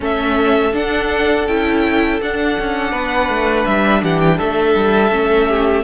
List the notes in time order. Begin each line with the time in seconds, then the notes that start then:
0.00 A3 C#4 A4 E5
0.72 D4 F#5
1.47 C#4 E4 G5
2.21 D4 F#5
2.58 C#4
2.91 B3 B4
3.28 A3
3.65 G3 E5
4.02 E3 G4 F#5
4.19 G5
4.37 A3 A4 E5
4.74 G3
5.11 A3 C#4
5.48 G4